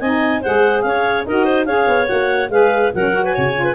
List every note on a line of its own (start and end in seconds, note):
0.00 0.42 C4
0.00 0.44 D#4
0.00 0.41 D#5
0.00 0.42 G#5
0.41 1.27 G#4
0.41 0.82 C5
0.41 0.81 F#5
0.47 0.83 G#3
0.81 1.25 C#4
0.81 1.23 F5
0.87 1.27 C#5
1.26 1.66 D#4
1.26 1.67 F#4
1.26 1.44 A#4
1.26 1.65 D#5
1.44 1.65 C5
1.65 1.87 C#4
1.65 2.06 G#4
1.65 2.50 C#5
1.65 2.07 F5
1.87 2.08 B3
2.06 2.49 A#3
2.06 2.48 F#4
2.06 2.49 F#5
2.49 2.91 G#3
2.49 2.92 G#4
2.49 2.93 B4
2.49 2.91 F5
2.94 3.36 F#3
2.94 3.11 C#4
2.94 3.24 A#4
2.94 3.25 F#5
3.11 3.53 F#4
3.24 3.34 B4
3.24 3.75 G#5
3.34 3.75 C#3
3.34 3.64 C#5
3.54 3.75 F4
3.64 3.74 B4